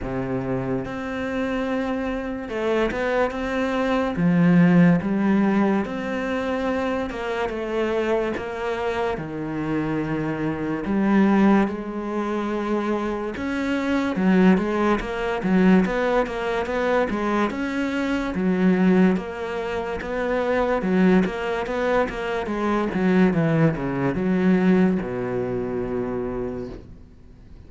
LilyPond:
\new Staff \with { instrumentName = "cello" } { \time 4/4 \tempo 4 = 72 c4 c'2 a8 b8 | c'4 f4 g4 c'4~ | c'8 ais8 a4 ais4 dis4~ | dis4 g4 gis2 |
cis'4 fis8 gis8 ais8 fis8 b8 ais8 | b8 gis8 cis'4 fis4 ais4 | b4 fis8 ais8 b8 ais8 gis8 fis8 | e8 cis8 fis4 b,2 | }